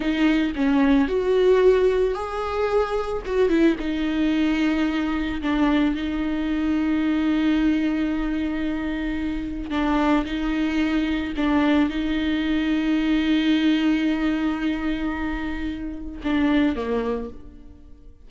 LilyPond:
\new Staff \with { instrumentName = "viola" } { \time 4/4 \tempo 4 = 111 dis'4 cis'4 fis'2 | gis'2 fis'8 e'8 dis'4~ | dis'2 d'4 dis'4~ | dis'1~ |
dis'2 d'4 dis'4~ | dis'4 d'4 dis'2~ | dis'1~ | dis'2 d'4 ais4 | }